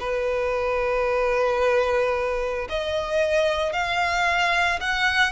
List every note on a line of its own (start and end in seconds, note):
0.00 2.68 B4
2.69 3.73 D#5
3.73 4.80 F5
4.80 5.32 F#5